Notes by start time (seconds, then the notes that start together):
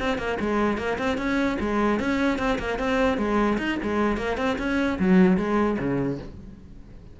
0.00 C4
0.18 A#3
0.40 G#3
0.78 A#3
0.99 C4
1.18 C#4
1.60 G#3
2.00 C#4
2.39 C4
2.59 A#3
2.79 C4
3.18 G#3
3.58 D#4
3.83 G#3
4.18 A#3
4.38 C4
4.59 C#4
4.99 F#3
5.38 G#3
5.79 C#3